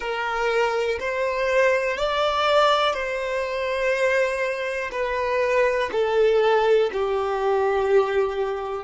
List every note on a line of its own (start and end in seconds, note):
0.00 0.98 A#4
0.99 1.97 C5
1.97 2.93 D5
2.93 4.90 C5
4.91 5.90 B4
5.92 6.90 A4
6.92 8.84 G4